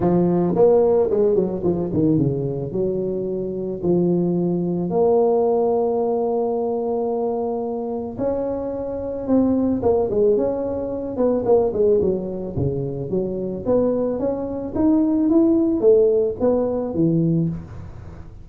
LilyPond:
\new Staff \with { instrumentName = "tuba" } { \time 4/4 \tempo 4 = 110 f4 ais4 gis8 fis8 f8 dis8 | cis4 fis2 f4~ | f4 ais2.~ | ais2. cis'4~ |
cis'4 c'4 ais8 gis8 cis'4~ | cis'8 b8 ais8 gis8 fis4 cis4 | fis4 b4 cis'4 dis'4 | e'4 a4 b4 e4 | }